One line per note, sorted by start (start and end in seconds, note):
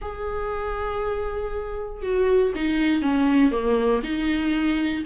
0.01 2.02 G#4
2.02 2.52 F#4
2.55 3.01 D#4
3.01 3.51 C#4
3.51 4.02 A#3
4.03 5.04 D#4